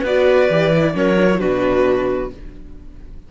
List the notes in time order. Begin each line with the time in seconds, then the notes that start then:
0.00 B3 F#4 B4 D5
0.50 E3 G4
0.74 E4
0.93 F#3 C#4 A#4 C#5
1.17 D4
1.32 E4
1.39 B2 D4 F#4 B4